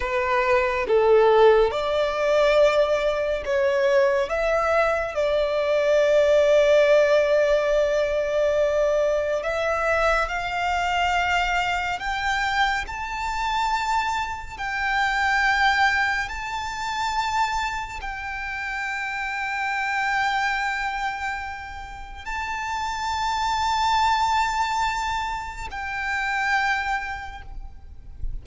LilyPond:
\new Staff \with { instrumentName = "violin" } { \time 4/4 \tempo 4 = 70 b'4 a'4 d''2 | cis''4 e''4 d''2~ | d''2. e''4 | f''2 g''4 a''4~ |
a''4 g''2 a''4~ | a''4 g''2.~ | g''2 a''2~ | a''2 g''2 | }